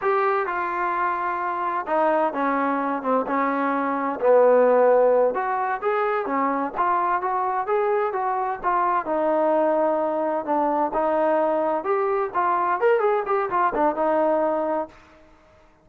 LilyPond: \new Staff \with { instrumentName = "trombone" } { \time 4/4 \tempo 4 = 129 g'4 f'2. | dis'4 cis'4. c'8 cis'4~ | cis'4 b2~ b8 fis'8~ | fis'8 gis'4 cis'4 f'4 fis'8~ |
fis'8 gis'4 fis'4 f'4 dis'8~ | dis'2~ dis'8 d'4 dis'8~ | dis'4. g'4 f'4 ais'8 | gis'8 g'8 f'8 d'8 dis'2 | }